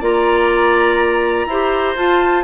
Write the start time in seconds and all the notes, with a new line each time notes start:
0.00 A#3 F4 D5 A#5
1.46 E4 G4 C5
1.96 F4 A5